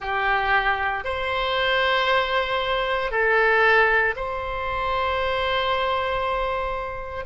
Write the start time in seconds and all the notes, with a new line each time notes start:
0.00 G4
1.04 C5
3.11 A4
4.16 C5